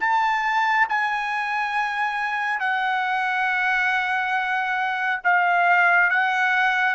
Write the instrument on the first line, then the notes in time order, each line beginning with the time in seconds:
trumpet
0.00 A5
0.89 G#5
2.59 F#5
5.23 F5
6.10 F#5